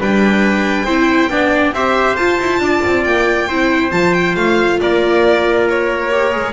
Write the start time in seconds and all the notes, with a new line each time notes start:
0.00 G3 D4 B4 G5
0.85 C4 E4 C5
1.30 B3 D4 D5
1.72 C4 G4 C5 E5
2.16 F4 A5
2.40 E4
2.59 D4 D5
2.86 C4
3.05 A#3 G5
3.48 C4 E4 C5
3.91 F3 F4 A5
4.14 G5
4.36 A3 F5
4.81 A#3 A#4 D5
5.69 C#5
6.10 G4
6.32 G#3 G#4